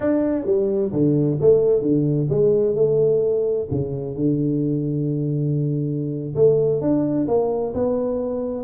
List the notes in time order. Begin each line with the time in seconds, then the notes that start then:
0.00 D4
0.45 G3
0.92 D3
1.41 A3
1.82 D3
2.29 G#3
2.75 A3
3.70 C#3
4.15 D3
6.35 A3
6.81 D4
7.27 A#3
7.73 B3